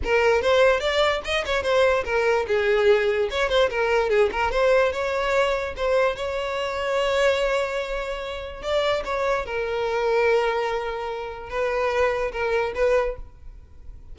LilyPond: \new Staff \with { instrumentName = "violin" } { \time 4/4 \tempo 4 = 146 ais'4 c''4 d''4 dis''8 cis''8 | c''4 ais'4 gis'2 | cis''8 c''8 ais'4 gis'8 ais'8 c''4 | cis''2 c''4 cis''4~ |
cis''1~ | cis''4 d''4 cis''4 ais'4~ | ais'1 | b'2 ais'4 b'4 | }